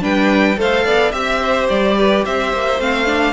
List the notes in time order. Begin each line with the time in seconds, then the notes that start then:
0.00 G3 D4 B4 G5
0.57 A3 A4 C5 F5
0.84 B3 D5
1.11 C4 G4 E5
1.41 C5
1.69 G3 D5
1.98 B4
2.25 C4 C5 E5
2.53 A#3
2.79 A3 C4 F5
3.05 D4